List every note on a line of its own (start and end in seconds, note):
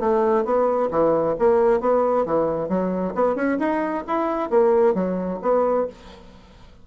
0.00 0.45 A3
0.45 0.90 B3
0.91 1.36 E3
1.39 1.81 A#3
1.81 2.26 B3
2.26 2.69 E3
2.69 3.14 F#3
3.15 3.36 B3
3.36 3.58 C#4
3.59 4.05 D#4
4.08 4.50 E4
4.50 4.95 A#3
4.95 5.40 F#3
5.42 5.87 B3